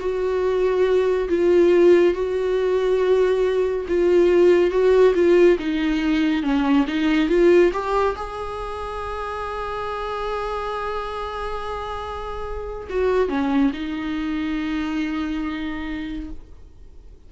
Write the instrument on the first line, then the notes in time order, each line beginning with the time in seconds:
viola
0.00 F#4
1.29 F4
2.14 F#4
3.89 F4
4.71 F#4
5.15 F4
5.59 D#4
6.43 C#4
6.87 D#4
7.29 F4
7.73 G4
8.16 G#4
12.90 F#4
13.29 C#4
13.73 D#4